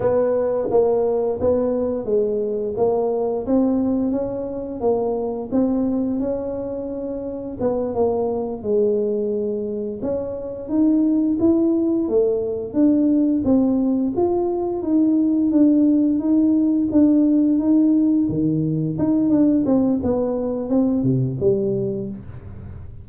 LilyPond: \new Staff \with { instrumentName = "tuba" } { \time 4/4 \tempo 4 = 87 b4 ais4 b4 gis4 | ais4 c'4 cis'4 ais4 | c'4 cis'2 b8 ais8~ | ais8 gis2 cis'4 dis'8~ |
dis'8 e'4 a4 d'4 c'8~ | c'8 f'4 dis'4 d'4 dis'8~ | dis'8 d'4 dis'4 dis4 dis'8 | d'8 c'8 b4 c'8 c8 g4 | }